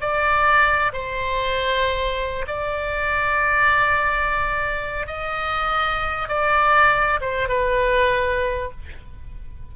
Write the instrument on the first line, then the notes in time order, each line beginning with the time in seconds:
oboe
0.00 D5
0.92 C5
2.47 D5
5.06 D#5
6.28 D5
7.20 C5
7.48 B4